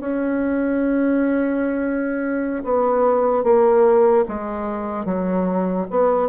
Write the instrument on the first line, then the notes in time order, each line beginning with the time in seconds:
bassoon
0.00 C#4
2.64 B3
3.43 A#3
4.28 G#3
5.06 F#3
5.91 B3